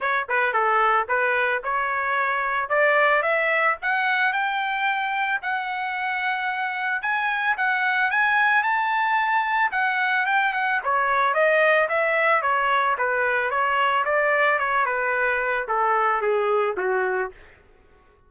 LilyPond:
\new Staff \with { instrumentName = "trumpet" } { \time 4/4 \tempo 4 = 111 cis''8 b'8 a'4 b'4 cis''4~ | cis''4 d''4 e''4 fis''4 | g''2 fis''2~ | fis''4 gis''4 fis''4 gis''4 |
a''2 fis''4 g''8 fis''8 | cis''4 dis''4 e''4 cis''4 | b'4 cis''4 d''4 cis''8 b'8~ | b'4 a'4 gis'4 fis'4 | }